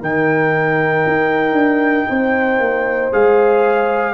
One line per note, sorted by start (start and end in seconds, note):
0.00 1.05 D#3
0.00 3.12 D#4
0.00 2.07 A#4
0.00 3.13 G5
1.07 1.52 D#4
1.52 2.04 D4
2.09 2.59 C4
2.09 4.14 C5
2.59 3.10 A#3
3.12 4.14 G#3
3.12 4.14 G#4
3.12 4.14 F5